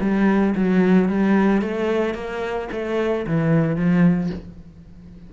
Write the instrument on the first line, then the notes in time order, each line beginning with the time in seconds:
cello
0.00 G3
0.55 F#3
1.09 G3
1.61 A3
2.14 A#3
2.71 A3
3.27 E3
3.75 F3